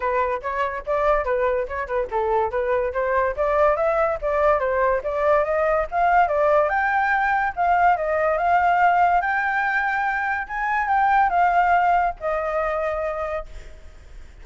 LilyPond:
\new Staff \with { instrumentName = "flute" } { \time 4/4 \tempo 4 = 143 b'4 cis''4 d''4 b'4 | cis''8 b'8 a'4 b'4 c''4 | d''4 e''4 d''4 c''4 | d''4 dis''4 f''4 d''4 |
g''2 f''4 dis''4 | f''2 g''2~ | g''4 gis''4 g''4 f''4~ | f''4 dis''2. | }